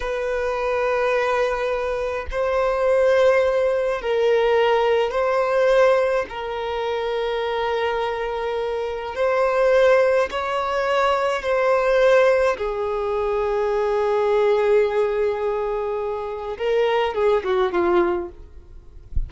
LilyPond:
\new Staff \with { instrumentName = "violin" } { \time 4/4 \tempo 4 = 105 b'1 | c''2. ais'4~ | ais'4 c''2 ais'4~ | ais'1 |
c''2 cis''2 | c''2 gis'2~ | gis'1~ | gis'4 ais'4 gis'8 fis'8 f'4 | }